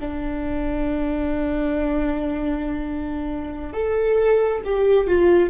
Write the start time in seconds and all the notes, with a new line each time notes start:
0.00 D4
3.73 A4
4.64 G4
5.07 F4